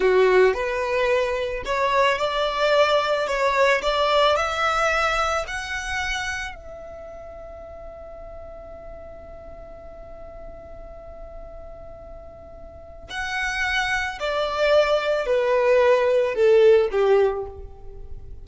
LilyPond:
\new Staff \with { instrumentName = "violin" } { \time 4/4 \tempo 4 = 110 fis'4 b'2 cis''4 | d''2 cis''4 d''4 | e''2 fis''2 | e''1~ |
e''1~ | e''1 | fis''2 d''2 | b'2 a'4 g'4 | }